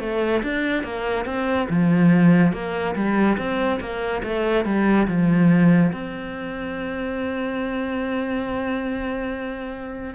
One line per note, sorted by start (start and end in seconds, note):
0.00 0.42 A3
0.43 0.83 D4
0.83 1.25 A#3
1.25 1.67 C4
1.69 2.53 F3
2.53 2.95 A#3
2.95 3.38 G3
3.38 3.80 C4
3.80 4.23 A#3
4.23 4.65 A3
4.65 5.07 G3
5.07 5.92 F3
5.92 10.15 C4